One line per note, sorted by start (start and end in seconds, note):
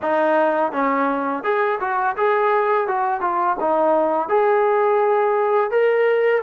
0.02 0.72 D#4
0.72 1.43 C#4
1.43 1.79 G#4
1.80 2.16 F#4
2.16 2.87 G#4
2.87 3.20 F#4
3.20 3.56 F4
3.59 4.29 D#4
4.29 5.70 G#4
5.70 6.42 A#4